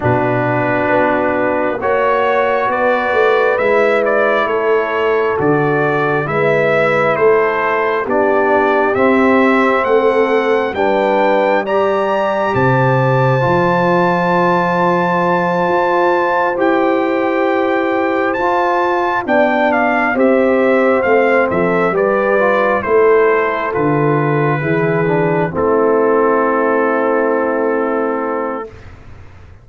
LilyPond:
<<
  \new Staff \with { instrumentName = "trumpet" } { \time 4/4 \tempo 4 = 67 b'2 cis''4 d''4 | e''8 d''8 cis''4 d''4 e''4 | c''4 d''4 e''4 fis''4 | g''4 ais''4 a''2~ |
a''2~ a''8 g''4.~ | g''8 a''4 g''8 f''8 e''4 f''8 | e''8 d''4 c''4 b'4.~ | b'8 a'2.~ a'8 | }
  \new Staff \with { instrumentName = "horn" } { \time 4/4 fis'2 cis''4 b'4~ | b'4 a'2 b'4 | a'4 g'2 a'4 | b'4 d''4 c''2~ |
c''1~ | c''4. d''4 c''4. | a'8 b'4 a'2 gis'8~ | gis'8 e'2.~ e'8 | }
  \new Staff \with { instrumentName = "trombone" } { \time 4/4 d'2 fis'2 | e'2 fis'4 e'4~ | e'4 d'4 c'2 | d'4 g'2 f'4~ |
f'2~ f'8 g'4.~ | g'8 f'4 d'4 g'4 c'8~ | c'8 g'8 f'8 e'4 f'4 e'8 | d'8 c'2.~ c'8 | }
  \new Staff \with { instrumentName = "tuba" } { \time 4/4 b,4 b4 ais4 b8 a8 | gis4 a4 d4 gis4 | a4 b4 c'4 a4 | g2 c4 f4~ |
f4. f'4 e'4.~ | e'8 f'4 b4 c'4 a8 | f8 g4 a4 d4 e8~ | e8 a2.~ a8 | }
>>